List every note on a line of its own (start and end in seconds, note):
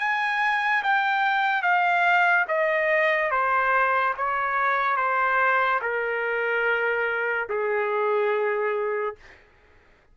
0.00 0.83 G#5
0.84 1.63 G5
1.63 2.46 F5
2.48 3.31 D#5
3.31 4.15 C5
4.18 4.97 C#5
4.97 5.80 C5
5.82 7.49 A#4
7.50 9.16 G#4